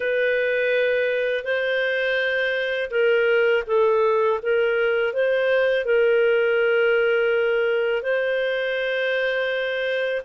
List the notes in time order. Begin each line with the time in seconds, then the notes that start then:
0.00 B4
1.43 C5
2.90 A#4
3.67 A4
4.42 A#4
5.13 C5
5.85 A#4
8.02 C5